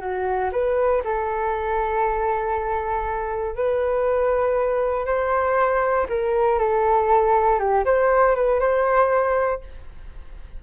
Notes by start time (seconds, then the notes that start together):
0.00 F#4
0.52 B4
1.04 A4
3.55 B4
5.05 C5
6.08 A#4
6.59 A4
7.59 G4
7.85 C5
8.35 B4
8.59 C5